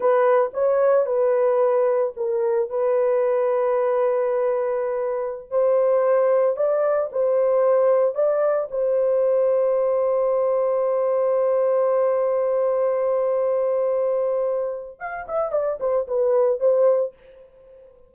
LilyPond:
\new Staff \with { instrumentName = "horn" } { \time 4/4 \tempo 4 = 112 b'4 cis''4 b'2 | ais'4 b'2.~ | b'2~ b'16 c''4.~ c''16~ | c''16 d''4 c''2 d''8.~ |
d''16 c''2.~ c''8.~ | c''1~ | c''1 | f''8 e''8 d''8 c''8 b'4 c''4 | }